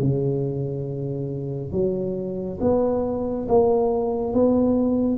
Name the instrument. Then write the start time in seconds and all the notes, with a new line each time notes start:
tuba
0.00 C#3
1.72 F#3
2.61 B3
3.49 A#3
4.34 B3